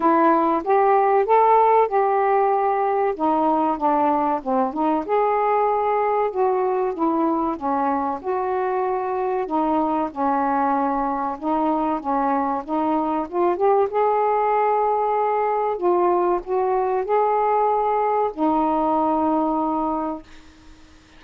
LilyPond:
\new Staff \with { instrumentName = "saxophone" } { \time 4/4 \tempo 4 = 95 e'4 g'4 a'4 g'4~ | g'4 dis'4 d'4 c'8 dis'8 | gis'2 fis'4 e'4 | cis'4 fis'2 dis'4 |
cis'2 dis'4 cis'4 | dis'4 f'8 g'8 gis'2~ | gis'4 f'4 fis'4 gis'4~ | gis'4 dis'2. | }